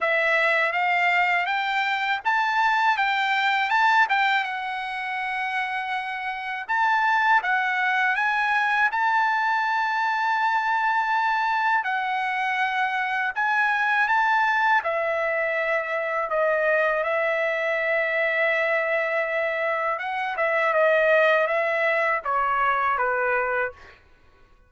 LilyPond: \new Staff \with { instrumentName = "trumpet" } { \time 4/4 \tempo 4 = 81 e''4 f''4 g''4 a''4 | g''4 a''8 g''8 fis''2~ | fis''4 a''4 fis''4 gis''4 | a''1 |
fis''2 gis''4 a''4 | e''2 dis''4 e''4~ | e''2. fis''8 e''8 | dis''4 e''4 cis''4 b'4 | }